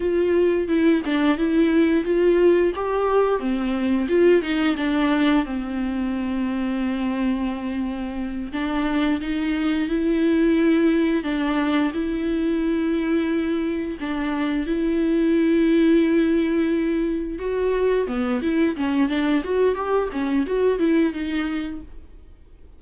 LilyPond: \new Staff \with { instrumentName = "viola" } { \time 4/4 \tempo 4 = 88 f'4 e'8 d'8 e'4 f'4 | g'4 c'4 f'8 dis'8 d'4 | c'1~ | c'8 d'4 dis'4 e'4.~ |
e'8 d'4 e'2~ e'8~ | e'8 d'4 e'2~ e'8~ | e'4. fis'4 b8 e'8 cis'8 | d'8 fis'8 g'8 cis'8 fis'8 e'8 dis'4 | }